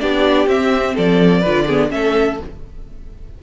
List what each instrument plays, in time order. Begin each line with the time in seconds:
0.00 cello B3, viola D4, violin G4 D5
0.47 cello C4, viola C4, violin E5
0.95 cello F3, violin A4 D5
1.41 cello D3, viola F4, violin B4
1.66 viola B3, violin G#4
1.90 cello A3, viola C#4, violin A4 E5